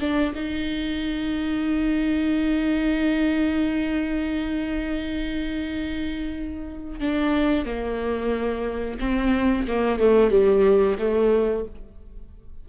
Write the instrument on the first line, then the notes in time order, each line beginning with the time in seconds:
viola
0.00 D4
0.35 D#4
7.00 D4
7.65 A#3
8.99 C4
9.67 A#3
9.99 A3
10.30 G3
10.98 A3